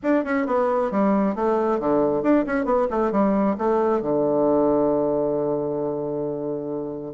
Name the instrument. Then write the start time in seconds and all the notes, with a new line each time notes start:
bassoon
0.02 D4
0.24 C#4
0.46 B3
0.91 G3
1.35 A3
1.79 D3
2.22 D4
2.46 C#4
2.65 B3
2.90 A3
3.11 G3
3.57 A3
4.01 D3